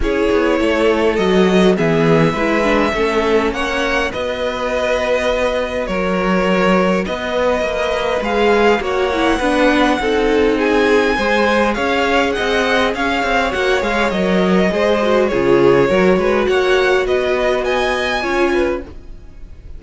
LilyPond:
<<
  \new Staff \with { instrumentName = "violin" } { \time 4/4 \tempo 4 = 102 cis''2 dis''4 e''4~ | e''2 fis''4 dis''4~ | dis''2 cis''2 | dis''2 f''4 fis''4~ |
fis''2 gis''2 | f''4 fis''4 f''4 fis''8 f''8 | dis''2 cis''2 | fis''4 dis''4 gis''2 | }
  \new Staff \with { instrumentName = "violin" } { \time 4/4 gis'4 a'2 gis'4 | b'4 a'4 cis''4 b'4~ | b'2 ais'2 | b'2. cis''4 |
b'4 a'4 gis'4 c''4 | cis''4 dis''4 cis''2~ | cis''4 c''4 gis'4 ais'8 b'8 | cis''4 b'4 dis''4 cis''8 b'8 | }
  \new Staff \with { instrumentName = "viola" } { \time 4/4 e'2 fis'4 b4 | e'8 d'8 cis'2 fis'4~ | fis'1~ | fis'2 gis'4 fis'8 e'8 |
d'4 dis'2 gis'4~ | gis'2. fis'8 gis'8 | ais'4 gis'8 fis'8 f'4 fis'4~ | fis'2. f'4 | }
  \new Staff \with { instrumentName = "cello" } { \time 4/4 cis'8 b8 a4 fis4 e4 | gis4 a4 ais4 b4~ | b2 fis2 | b4 ais4 gis4 ais4 |
b4 c'2 gis4 | cis'4 c'4 cis'8 c'8 ais8 gis8 | fis4 gis4 cis4 fis8 gis8 | ais4 b2 cis'4 | }
>>